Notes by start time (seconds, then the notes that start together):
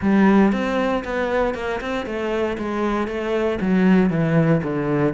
0.01 G3
0.52 C4
1.04 B3
1.54 A#3
1.80 C4
2.06 A3
2.58 G#3
3.07 A3
3.61 F#3
4.10 E3
4.63 D3